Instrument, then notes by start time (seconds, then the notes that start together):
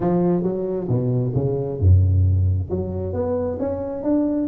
tuba
0.00 F3
0.43 F#3
0.88 B2
1.34 C#3
1.79 F#2
2.69 F#3
3.13 B3
3.59 C#4
4.03 D4